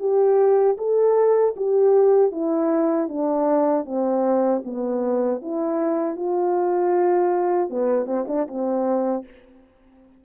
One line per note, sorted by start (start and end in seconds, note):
0.00 0.77 G4
0.78 1.55 A4
1.57 2.32 G4
2.32 3.08 E4
3.08 3.85 D4
3.86 4.63 C4
4.65 5.42 B3
5.42 6.16 E4
6.16 7.70 F4
7.70 8.06 B3
8.06 8.26 C4
8.28 8.47 D4
8.48 9.25 C4